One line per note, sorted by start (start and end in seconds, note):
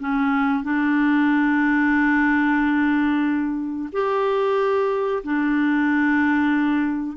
0.00 0.63 C#4
0.63 3.90 D4
3.92 5.23 G4
5.24 7.17 D4